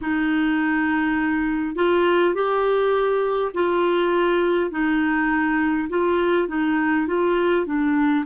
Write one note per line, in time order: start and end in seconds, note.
0.01 1.75 D#4
1.75 2.34 F4
2.34 3.52 G4
3.53 4.71 F4
4.71 5.88 D#4
5.89 6.48 F4
6.48 7.06 D#4
7.06 7.65 F4
7.65 8.24 D4